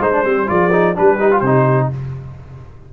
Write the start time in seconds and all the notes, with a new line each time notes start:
0.00 G#3 D#4 C5
0.13 D4
0.25 G3 C4
0.47 F3 F4 G#4 D5
0.73 D#4
0.95 G3 D4 G4 B4
1.20 D#4
1.31 F4
1.40 C3 D#4 C5